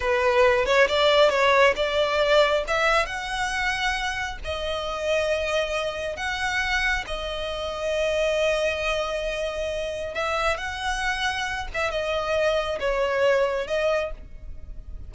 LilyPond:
\new Staff \with { instrumentName = "violin" } { \time 4/4 \tempo 4 = 136 b'4. cis''8 d''4 cis''4 | d''2 e''4 fis''4~ | fis''2 dis''2~ | dis''2 fis''2 |
dis''1~ | dis''2. e''4 | fis''2~ fis''8 e''8 dis''4~ | dis''4 cis''2 dis''4 | }